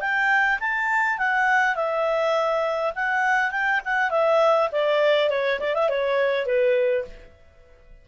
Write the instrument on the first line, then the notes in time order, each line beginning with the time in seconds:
clarinet
0.00 G5
0.60 A5
1.18 F#5
1.75 E5
2.95 F#5
3.51 G5
3.84 F#5
4.10 E5
4.72 D5
5.29 C#5
5.60 D5
5.75 E5
5.89 C#5
6.46 B4